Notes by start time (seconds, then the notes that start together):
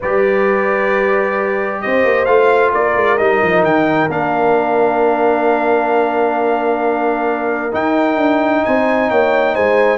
0.00 G3 G4 B4 D5
1.81 C4 C5 D#5
2.04 A#3
2.25 A3 F4 F5
2.73 A#3 A#4 D5
2.96 G#3
3.17 G3 D#4 D#5
3.42 F3
3.62 D#3 G5
4.09 A#3 D4 F5
7.71 D#4 G5
8.17 D4
8.64 C4 C5 G#5
9.10 A#3 C#5 G5
9.54 G#3 C5 G#5